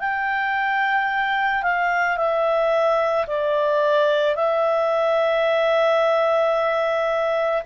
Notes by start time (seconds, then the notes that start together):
0.00 G5
1.63 F5
2.17 E5
3.27 D5
4.35 E5